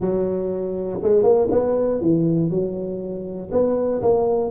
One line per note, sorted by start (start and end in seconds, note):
0.00 1.00 F#3
1.02 1.22 G#3
1.22 1.47 A#3
1.51 2.00 B3
2.00 2.50 E3
2.50 3.50 F#3
3.51 4.01 B3
4.02 4.50 A#3